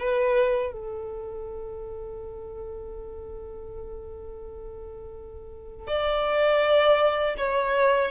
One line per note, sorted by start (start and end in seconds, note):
0.00 0.73 B4
0.73 5.88 A4
5.88 7.36 D5
7.38 8.11 C#5